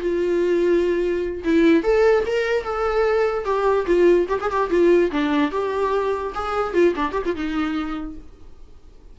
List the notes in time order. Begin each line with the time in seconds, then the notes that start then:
0.00 F4
1.44 E4
1.83 A4
2.26 A#4
2.63 A4
3.45 G4
3.86 F4
4.29 G4
4.41 G#4
4.51 G4
4.70 F4
5.11 D4
5.51 G4
6.34 G#4
6.73 F4
6.96 D4
7.12 G4
7.25 F4
7.36 D#4